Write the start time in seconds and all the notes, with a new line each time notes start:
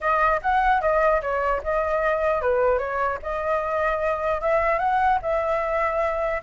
0.00 D#5
0.42 F#5
0.81 D#5
1.21 C#5
1.63 D#5
2.41 B4
2.78 C#5
3.22 D#5
4.41 E5
4.79 F#5
5.22 E5